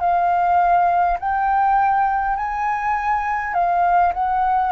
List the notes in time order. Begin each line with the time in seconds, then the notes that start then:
0.00 F5
1.19 G5
2.36 G#5
3.54 F5
4.13 F#5